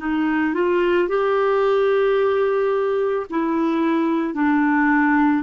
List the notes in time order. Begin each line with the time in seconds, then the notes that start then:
0.00 D#4
0.55 F4
1.09 G4
3.30 E4
4.34 D4